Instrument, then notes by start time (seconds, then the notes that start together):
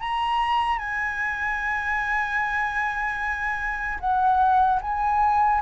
flute
0.00 A#5
0.78 G#5
4.00 F#5
4.81 G#5